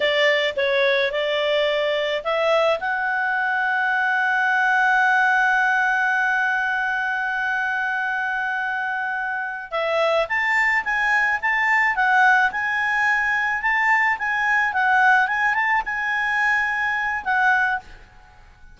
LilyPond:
\new Staff \with { instrumentName = "clarinet" } { \time 4/4 \tempo 4 = 108 d''4 cis''4 d''2 | e''4 fis''2.~ | fis''1~ | fis''1~ |
fis''4. e''4 a''4 gis''8~ | gis''8 a''4 fis''4 gis''4.~ | gis''8 a''4 gis''4 fis''4 gis''8 | a''8 gis''2~ gis''8 fis''4 | }